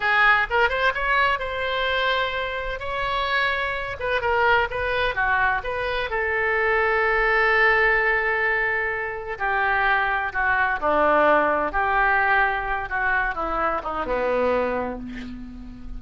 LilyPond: \new Staff \with { instrumentName = "oboe" } { \time 4/4 \tempo 4 = 128 gis'4 ais'8 c''8 cis''4 c''4~ | c''2 cis''2~ | cis''8 b'8 ais'4 b'4 fis'4 | b'4 a'2.~ |
a'1 | g'2 fis'4 d'4~ | d'4 g'2~ g'8 fis'8~ | fis'8 e'4 dis'8 b2 | }